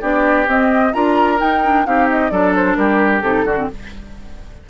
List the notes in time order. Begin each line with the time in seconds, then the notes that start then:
0.00 B3 D4 G4 D5
0.47 C4 D#5
0.93 D4 F4 A#4 A#5
1.37 D#4 G5
1.64 D4
1.85 C4 D#4 G4 F5
2.09 D#5
2.30 F#3 D4 A4 D5
2.55 C5
2.75 G3 G4 A#4
3.21 C3 D#4 A4
3.44 D3 D4 F#4
3.57 C4